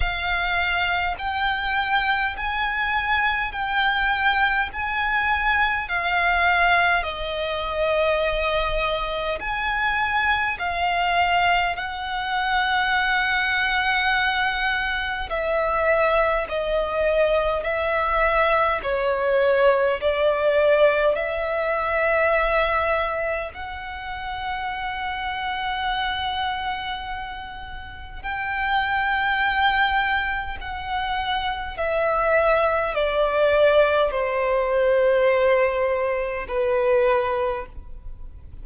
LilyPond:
\new Staff \with { instrumentName = "violin" } { \time 4/4 \tempo 4 = 51 f''4 g''4 gis''4 g''4 | gis''4 f''4 dis''2 | gis''4 f''4 fis''2~ | fis''4 e''4 dis''4 e''4 |
cis''4 d''4 e''2 | fis''1 | g''2 fis''4 e''4 | d''4 c''2 b'4 | }